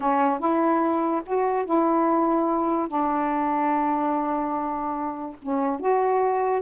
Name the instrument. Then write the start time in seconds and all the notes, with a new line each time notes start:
saxophone
0.00 C#4
0.39 E4
1.25 F#4
1.65 E4
2.88 D4
5.42 C#4
5.80 F#4